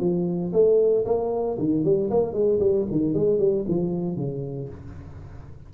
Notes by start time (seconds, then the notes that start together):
0.00 F3
0.53 A3
1.05 A#3
1.59 D#3
1.84 G3
2.10 A#3
2.33 G#3
2.59 G3
2.91 D#3
3.14 G#3
3.39 G3
3.68 F3
4.16 C#3